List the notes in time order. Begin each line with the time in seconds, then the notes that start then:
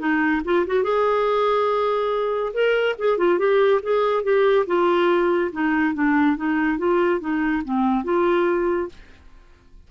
0.00 D#4
0.45 F4
0.67 F#4
0.84 G#4
2.54 A#4
2.99 G#4
3.18 F4
3.39 G4
3.83 G#4
4.24 G4
4.67 F4
5.53 D#4
5.95 D4
6.37 D#4
6.79 F4
7.21 D#4
7.65 C4
8.05 F4